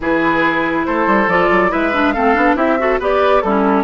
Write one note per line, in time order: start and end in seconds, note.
0.00 0.86 E3
0.00 1.29 E4
0.00 0.87 G#4
0.00 0.85 B4
0.85 1.06 A3
0.85 1.71 A4
0.85 1.28 C5
1.06 1.27 G3
1.27 1.48 F3
1.27 1.69 F4
1.27 1.71 D5
1.50 1.71 F#3
1.69 2.16 G#3
1.69 1.91 E4
1.69 2.14 B4
1.69 2.12 E5
1.93 2.14 D4
2.12 2.35 A3
2.12 2.34 C4
2.12 2.56 A4
2.12 2.55 F5
2.34 2.55 B3
2.34 2.56 D4
2.55 2.98 C4
2.55 2.78 E4
2.55 2.77 G4
2.55 2.99 E5
2.79 3.00 F#4
2.79 2.99 A4
2.99 3.42 B3
2.99 3.43 G4
2.99 3.42 B4
2.99 3.42 D5
3.42 3.83 G3
3.42 3.83 C#4
3.42 3.83 E4
3.42 3.83 A4